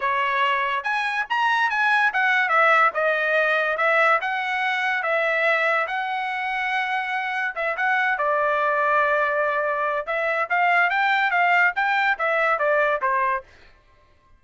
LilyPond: \new Staff \with { instrumentName = "trumpet" } { \time 4/4 \tempo 4 = 143 cis''2 gis''4 ais''4 | gis''4 fis''4 e''4 dis''4~ | dis''4 e''4 fis''2 | e''2 fis''2~ |
fis''2 e''8 fis''4 d''8~ | d''1 | e''4 f''4 g''4 f''4 | g''4 e''4 d''4 c''4 | }